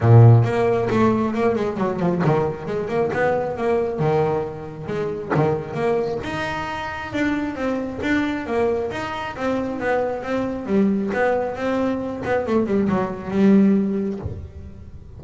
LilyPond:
\new Staff \with { instrumentName = "double bass" } { \time 4/4 \tempo 4 = 135 ais,4 ais4 a4 ais8 gis8 | fis8 f8 dis4 gis8 ais8 b4 | ais4 dis2 gis4 | dis4 ais4 dis'2 |
d'4 c'4 d'4 ais4 | dis'4 c'4 b4 c'4 | g4 b4 c'4. b8 | a8 g8 fis4 g2 | }